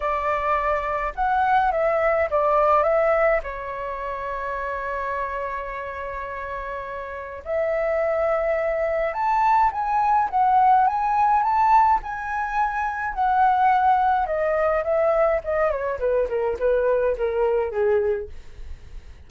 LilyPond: \new Staff \with { instrumentName = "flute" } { \time 4/4 \tempo 4 = 105 d''2 fis''4 e''4 | d''4 e''4 cis''2~ | cis''1~ | cis''4 e''2. |
a''4 gis''4 fis''4 gis''4 | a''4 gis''2 fis''4~ | fis''4 dis''4 e''4 dis''8 cis''8 | b'8 ais'8 b'4 ais'4 gis'4 | }